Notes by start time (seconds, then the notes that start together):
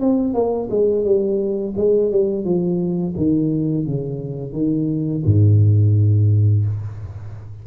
0.00 C4
0.34 A#3
0.70 G#3
1.04 G3
1.76 G#3
2.11 G3
2.45 F3
3.16 D#3
3.86 C#3
4.53 D#3
5.25 G#2